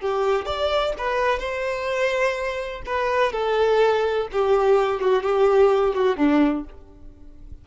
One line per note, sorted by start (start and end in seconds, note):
0.00 0.46 G4
0.46 0.93 D5
0.98 1.39 B4
1.39 2.82 C5
2.86 3.32 B4
3.32 4.28 A4
4.32 5.00 G4
5.00 5.23 F#4
5.23 5.94 G4
5.94 6.16 F#4
6.16 6.64 D4